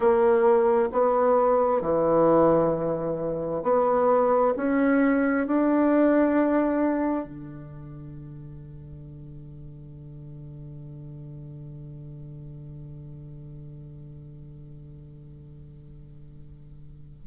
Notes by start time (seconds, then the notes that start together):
0.00 A#3
0.91 B3
1.81 E3
3.62 B3
4.56 C#4
5.47 D4
7.25 D3